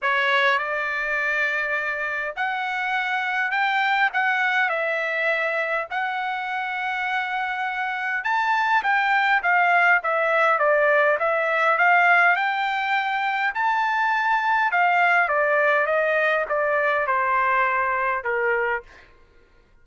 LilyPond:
\new Staff \with { instrumentName = "trumpet" } { \time 4/4 \tempo 4 = 102 cis''4 d''2. | fis''2 g''4 fis''4 | e''2 fis''2~ | fis''2 a''4 g''4 |
f''4 e''4 d''4 e''4 | f''4 g''2 a''4~ | a''4 f''4 d''4 dis''4 | d''4 c''2 ais'4 | }